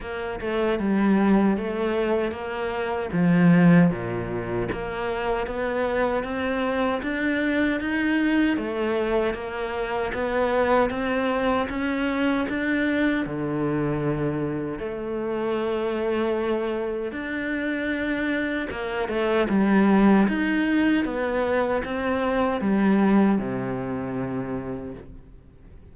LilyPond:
\new Staff \with { instrumentName = "cello" } { \time 4/4 \tempo 4 = 77 ais8 a8 g4 a4 ais4 | f4 ais,4 ais4 b4 | c'4 d'4 dis'4 a4 | ais4 b4 c'4 cis'4 |
d'4 d2 a4~ | a2 d'2 | ais8 a8 g4 dis'4 b4 | c'4 g4 c2 | }